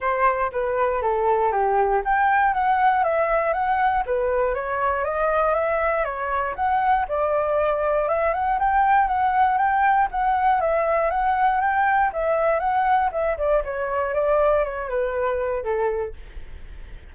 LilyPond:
\new Staff \with { instrumentName = "flute" } { \time 4/4 \tempo 4 = 119 c''4 b'4 a'4 g'4 | g''4 fis''4 e''4 fis''4 | b'4 cis''4 dis''4 e''4 | cis''4 fis''4 d''2 |
e''8 fis''8 g''4 fis''4 g''4 | fis''4 e''4 fis''4 g''4 | e''4 fis''4 e''8 d''8 cis''4 | d''4 cis''8 b'4. a'4 | }